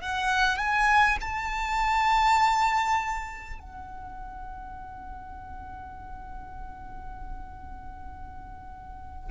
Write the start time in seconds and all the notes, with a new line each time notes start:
0.00 F#5
0.57 G#5
1.21 A5
3.59 F#5